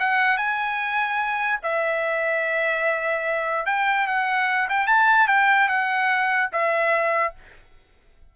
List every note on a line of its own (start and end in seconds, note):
0.00 0.37 F#5
0.37 1.60 G#5
1.63 3.67 E5
3.67 4.07 G5
4.07 4.69 F#5
4.70 4.87 G5
4.87 5.28 A5
5.28 5.69 G5
5.69 6.50 F#5
6.53 7.35 E5